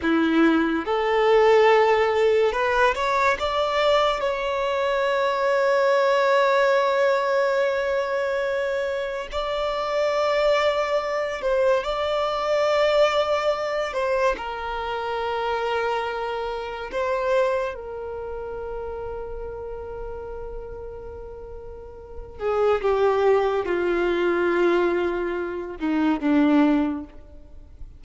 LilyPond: \new Staff \with { instrumentName = "violin" } { \time 4/4 \tempo 4 = 71 e'4 a'2 b'8 cis''8 | d''4 cis''2.~ | cis''2. d''4~ | d''4. c''8 d''2~ |
d''8 c''8 ais'2. | c''4 ais'2.~ | ais'2~ ais'8 gis'8 g'4 | f'2~ f'8 dis'8 d'4 | }